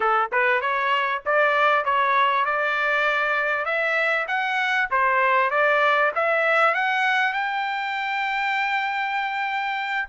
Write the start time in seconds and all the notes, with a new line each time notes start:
0.00 A4
0.32 B4
0.61 C#5
1.25 D5
1.85 C#5
2.45 D5
3.65 E5
4.27 F#5
4.90 C5
5.50 D5
6.15 E5
6.74 F#5
7.33 G5